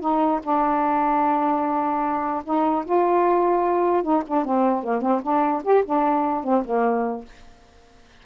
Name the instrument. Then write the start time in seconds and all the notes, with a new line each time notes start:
saxophone
0.00 D#4
0.43 D4
2.44 D#4
2.85 F4
4.03 D#4
4.27 D4
4.44 C4
4.83 A#3
5.01 C4
5.22 D4
5.63 G4
5.85 D4
6.44 C4
6.65 A#3